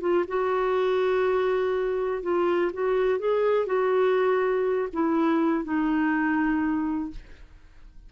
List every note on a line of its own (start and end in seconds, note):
0.00 0.24 F4
0.27 2.23 F#4
2.23 2.71 F4
2.73 3.19 F#4
3.19 3.66 G#4
3.66 4.88 F#4
4.93 5.64 E4
5.64 7.10 D#4